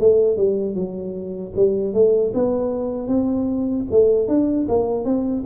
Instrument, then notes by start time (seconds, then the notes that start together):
tuba
0.00 A3
0.37 G3
0.75 F#3
1.56 G3
1.94 A3
2.34 B3
3.08 C4
3.91 A3
4.28 D4
4.69 A#3
5.05 C4